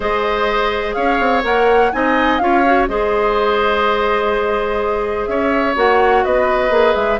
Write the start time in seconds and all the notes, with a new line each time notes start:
0.00 G#3 G#4 C5 D#5
0.93 C#4 C#5 F5
1.19 C4
1.43 A#3 A#4 F#5
1.92 C4 D#4 D#5 G#5
2.38 C#4 F4 C#5 F5
2.65 F#4
2.87 G#3 G#4 C5 D#5
5.26 C#4 C#5 E5
5.75 A#3 F#4 F#5
6.24 B3 B4 D#5
6.70 A#3 G#4
6.95 G#3 E5